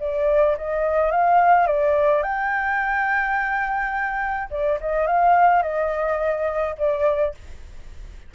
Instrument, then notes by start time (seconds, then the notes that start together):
flute
0.00 D5
0.58 D#5
1.11 F5
1.67 D5
2.23 G5
4.51 D5
4.81 D#5
5.07 F5
5.63 D#5
6.78 D5